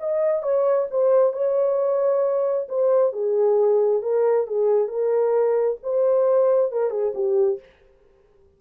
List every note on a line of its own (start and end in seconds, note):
0.00 0.43 D#5
0.43 0.88 C#5
0.91 1.33 C5
1.33 2.68 C#5
2.69 3.13 C5
3.13 4.02 G#4
4.02 4.47 A#4
4.47 4.88 G#4
4.88 5.78 A#4
5.83 6.72 C5
6.72 6.91 A#4
6.91 7.13 G#4
7.15 7.60 G4